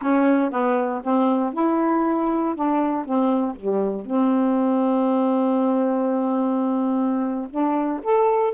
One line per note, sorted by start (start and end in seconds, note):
0.01 0.50 C#4
0.50 1.01 B3
1.03 1.53 C4
1.53 2.55 E4
2.55 3.05 D4
3.05 3.55 C4
3.55 4.05 G3
4.05 7.48 C4
7.50 8.00 D4
8.03 8.54 A4